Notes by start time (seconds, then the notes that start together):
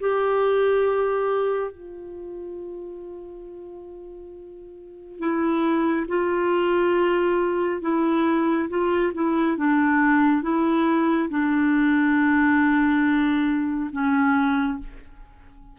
0.00 G4
1.71 F4
5.19 E4
6.08 F4
7.81 E4
8.69 F4
9.14 E4
9.57 D4
10.42 E4
11.29 D4
13.92 C#4